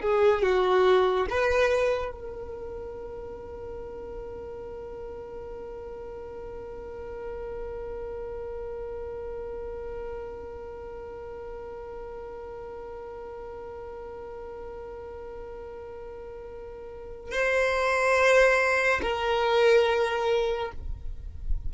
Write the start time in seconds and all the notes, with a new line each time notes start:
0.00 G#4
0.42 F#4
1.29 B4
2.11 A#4
17.32 C5
19.02 A#4